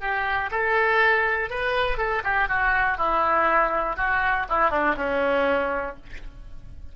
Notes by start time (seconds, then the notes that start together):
0.00 G4
0.51 A4
1.50 B4
1.97 A4
2.24 G4
2.48 F#4
2.97 E4
3.96 F#4
4.49 E4
4.70 D4
4.97 C#4